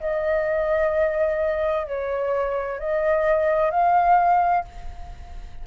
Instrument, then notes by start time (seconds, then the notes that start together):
flute
0.00 D#5
1.87 C#5
2.80 D#5
3.71 F5